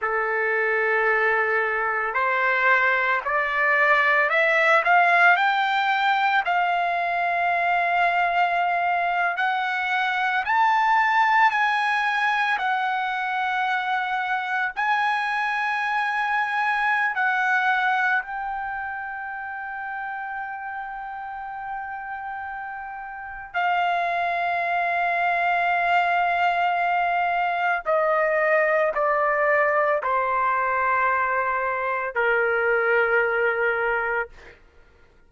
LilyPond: \new Staff \with { instrumentName = "trumpet" } { \time 4/4 \tempo 4 = 56 a'2 c''4 d''4 | e''8 f''8 g''4 f''2~ | f''8. fis''4 a''4 gis''4 fis''16~ | fis''4.~ fis''16 gis''2~ gis''16 |
fis''4 g''2.~ | g''2 f''2~ | f''2 dis''4 d''4 | c''2 ais'2 | }